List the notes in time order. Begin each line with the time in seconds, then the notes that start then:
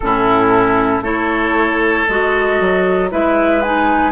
0.00 A2 C#4 E4 A4
1.00 A3 E4 A4 C#5
2.07 G#3 F#4 D#5
2.60 F#3
3.10 G#3 E4 B4 E5
3.62 D#4 G#5